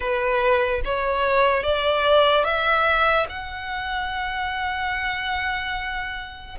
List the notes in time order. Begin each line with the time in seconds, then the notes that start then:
0.00 B4
0.84 C#5
1.63 D5
2.44 E5
3.29 F#5